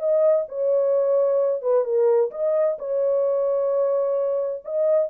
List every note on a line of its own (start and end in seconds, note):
0.00 0.46 D#5
0.49 1.62 C#5
1.62 1.85 B4
1.85 2.31 A#4
2.32 2.78 D#5
2.79 4.63 C#5
4.65 5.10 D#5